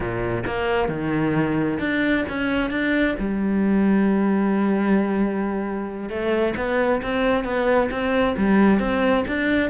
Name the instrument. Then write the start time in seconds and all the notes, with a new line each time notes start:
cello
0.00 A#2
0.46 A#3
0.88 D#3
1.79 D4
2.28 C#4
2.70 D4
3.18 G3
6.09 A3
6.56 B3
7.02 C4
7.44 B3
7.90 C4
8.37 G3
8.79 C4
9.27 D4